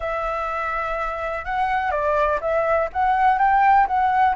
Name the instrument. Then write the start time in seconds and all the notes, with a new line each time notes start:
flute
0.00 E5
1.45 F#5
1.91 D5
2.40 E5
2.93 F#5
3.38 G5
3.87 F#5